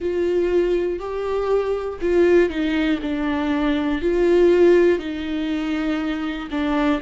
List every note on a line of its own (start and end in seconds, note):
0.00 0.99 F4
0.99 1.99 G4
2.01 2.49 F4
2.49 2.99 D#4
3.02 4.01 D4
4.01 4.99 F4
4.99 6.49 D#4
6.50 7.00 D4